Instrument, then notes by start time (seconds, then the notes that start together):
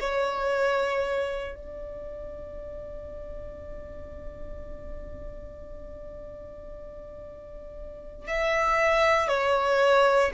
violin
0.00 C#5
1.55 D5
8.27 E5
9.28 C#5